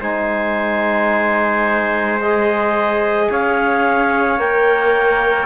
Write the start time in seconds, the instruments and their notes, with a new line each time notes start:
0.00 cello G#3, trombone D#4, trumpet C5, clarinet G#5
2.21 trombone G#4, clarinet D#5
3.30 cello C#4, trumpet C#5, clarinet F5
4.38 cello A#3, trombone A#4, clarinet G5